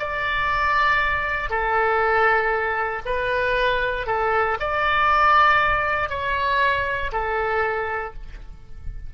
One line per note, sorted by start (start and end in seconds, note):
0.00 1.50 D5
1.50 3.03 A4
3.06 4.07 B4
4.07 4.58 A4
4.60 6.10 D5
6.10 7.12 C#5
7.13 8.14 A4